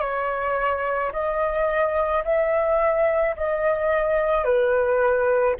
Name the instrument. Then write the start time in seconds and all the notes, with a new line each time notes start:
flute
0.00 C#5
1.12 D#5
2.24 E5
3.36 D#5
4.44 B4